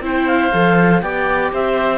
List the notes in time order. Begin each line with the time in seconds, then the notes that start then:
0.00 C4 E4 C5 G5
0.27 F5
0.53 F3 A4
1.01 B3 G4 D5 G5
1.52 C4 C5 E5